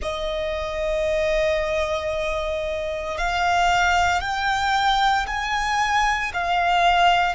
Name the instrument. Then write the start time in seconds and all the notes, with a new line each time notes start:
violin
0.02 D#5
3.17 F5
4.21 G5
5.26 G#5
6.33 F5